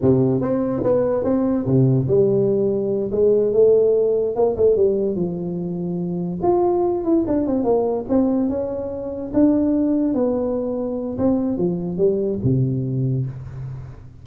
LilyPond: \new Staff \with { instrumentName = "tuba" } { \time 4/4 \tempo 4 = 145 c4 c'4 b4 c'4 | c4 g2~ g8 gis8~ | gis8 a2 ais8 a8 g8~ | g8 f2. f'8~ |
f'4 e'8 d'8 c'8 ais4 c'8~ | c'8 cis'2 d'4.~ | d'8 b2~ b8 c'4 | f4 g4 c2 | }